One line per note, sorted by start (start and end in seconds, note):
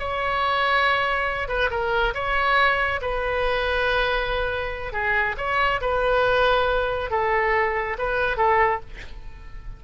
0.00 1.49 C#5
1.49 1.70 B4
1.71 2.14 A#4
2.14 3.01 C#5
3.02 4.93 B4
4.93 5.36 G#4
5.38 5.81 C#5
5.82 7.11 B4
7.11 7.98 A4
7.99 8.38 B4
8.38 8.81 A4